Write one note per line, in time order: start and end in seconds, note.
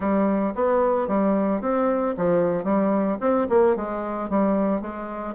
0.00 0.54 G3
0.55 1.07 B3
1.07 1.61 G3
1.61 2.14 C4
2.17 2.64 F3
2.64 3.17 G3
3.20 3.47 C4
3.49 3.76 A#3
3.76 4.29 G#3
4.29 4.81 G3
4.81 5.34 G#3